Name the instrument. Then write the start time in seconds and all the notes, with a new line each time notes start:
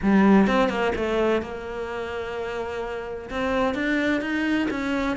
cello
0.02 G3
0.47 C4
0.69 A#3
0.95 A3
1.42 A#3
3.30 C4
3.74 D4
4.21 D#4
4.70 C#4